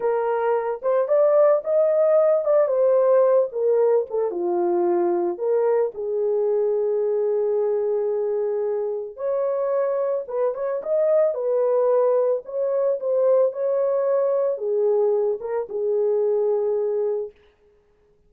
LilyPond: \new Staff \with { instrumentName = "horn" } { \time 4/4 \tempo 4 = 111 ais'4. c''8 d''4 dis''4~ | dis''8 d''8 c''4. ais'4 a'8 | f'2 ais'4 gis'4~ | gis'1~ |
gis'4 cis''2 b'8 cis''8 | dis''4 b'2 cis''4 | c''4 cis''2 gis'4~ | gis'8 ais'8 gis'2. | }